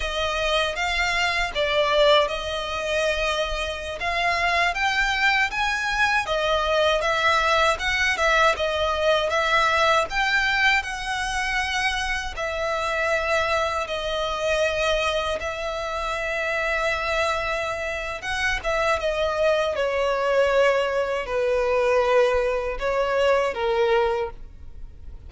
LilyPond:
\new Staff \with { instrumentName = "violin" } { \time 4/4 \tempo 4 = 79 dis''4 f''4 d''4 dis''4~ | dis''4~ dis''16 f''4 g''4 gis''8.~ | gis''16 dis''4 e''4 fis''8 e''8 dis''8.~ | dis''16 e''4 g''4 fis''4.~ fis''16~ |
fis''16 e''2 dis''4.~ dis''16~ | dis''16 e''2.~ e''8. | fis''8 e''8 dis''4 cis''2 | b'2 cis''4 ais'4 | }